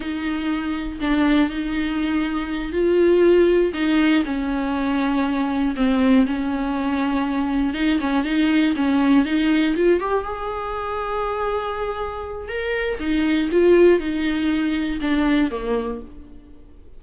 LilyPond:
\new Staff \with { instrumentName = "viola" } { \time 4/4 \tempo 4 = 120 dis'2 d'4 dis'4~ | dis'4. f'2 dis'8~ | dis'8 cis'2. c'8~ | c'8 cis'2. dis'8 |
cis'8 dis'4 cis'4 dis'4 f'8 | g'8 gis'2.~ gis'8~ | gis'4 ais'4 dis'4 f'4 | dis'2 d'4 ais4 | }